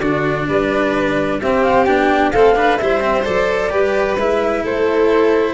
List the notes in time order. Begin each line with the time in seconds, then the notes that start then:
0.00 D3 D4 F#4 D5
0.49 G3 B4
1.40 C4 G4 E5
1.64 F5
1.85 B3 D4 G5
2.32 A3 C4 A4 F5
2.56 D4 B4
2.78 G3 E4 C5 E5
3.01 C4
3.24 F#3 A4 D5
3.71 G3 G4 B4
4.17 G#3 E4 E5
4.64 A3 A4 C5